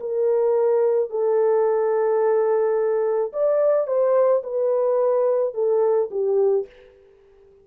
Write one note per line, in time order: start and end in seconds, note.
0.00 1.10 A#4
1.10 3.32 A4
3.33 3.87 D5
3.87 4.43 C5
4.43 5.55 B4
5.55 6.10 A4
6.11 6.66 G4